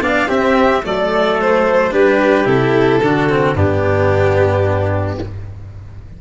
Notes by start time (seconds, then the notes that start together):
0.00 B3 D4 D5 F5
0.28 C4 G4 E5
0.83 F#3 A3 A4 D5
1.40 C5
1.91 G3 D4 G4 B4
2.44 C3 E4 A4
3.01 D3 D4 F#4
3.29 C4
3.55 G2 B3 D4 G4